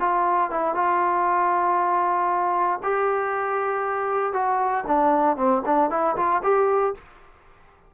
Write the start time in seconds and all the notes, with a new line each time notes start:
0.00 F4
0.51 E4
0.75 F4
2.83 G4
4.33 F#4
4.87 D4
5.37 C4
5.65 D4
5.90 E4
6.16 F4
6.43 G4